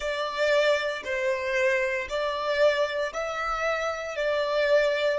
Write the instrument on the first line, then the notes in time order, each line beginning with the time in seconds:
violin
0.00 D5
1.04 C5
2.09 D5
3.13 E5
4.16 D5